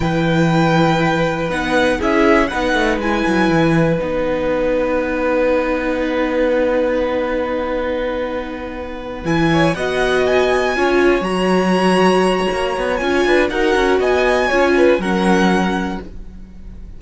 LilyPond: <<
  \new Staff \with { instrumentName = "violin" } { \time 4/4 \tempo 4 = 120 g''2. fis''4 | e''4 fis''4 gis''2 | fis''1~ | fis''1~ |
fis''2~ fis''8 gis''4 fis''8~ | fis''8 gis''2 ais''4.~ | ais''2 gis''4 fis''4 | gis''2 fis''2 | }
  \new Staff \with { instrumentName = "violin" } { \time 4/4 b'1 | gis'4 b'2.~ | b'1~ | b'1~ |
b'2. cis''8 dis''8~ | dis''4. cis''2~ cis''8~ | cis''2~ cis''8 b'8 ais'4 | dis''4 cis''8 b'8 ais'2 | }
  \new Staff \with { instrumentName = "viola" } { \time 4/4 e'2. dis'4 | e'4 dis'4 e'2 | dis'1~ | dis'1~ |
dis'2~ dis'8 e'4 fis'8~ | fis'4. f'4 fis'4.~ | fis'2 f'4 fis'4~ | fis'4 f'4 cis'2 | }
  \new Staff \with { instrumentName = "cello" } { \time 4/4 e2. b4 | cis'4 b8 a8 gis8 fis8 e4 | b1~ | b1~ |
b2~ b8 e4 b8~ | b4. cis'4 fis4.~ | fis4 ais8 b8 cis'8 d'8 dis'8 cis'8 | b4 cis'4 fis2 | }
>>